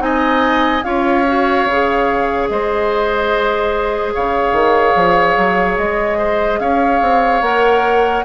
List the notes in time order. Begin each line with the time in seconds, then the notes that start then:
0.00 C4 D#4 D#5 G#5
0.84 C#4 F4 C#5 F5
1.28 F#4
1.66 C#3 G#4
2.49 G#3 C5 D#5
4.14 C#3 C#5 F5
4.53 D#3
4.96 F3
5.37 F#3
5.78 G#3 D#5
6.18 C5
6.60 C#4 C#5 F5
7.02 C4
7.41 A#3 A#4 F#5